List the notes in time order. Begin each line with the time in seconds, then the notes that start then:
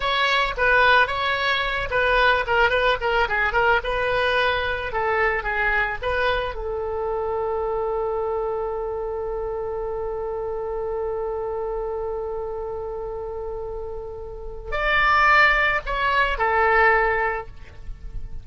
0.00 C#5
0.57 B4
1.07 C#5
1.90 B4
2.46 A#4
2.70 B4
3.00 A#4
3.28 G#4
3.52 A#4
3.83 B4
4.92 A4
5.43 G#4
6.02 B4
6.54 A4
14.71 D5
15.86 C#5
16.38 A4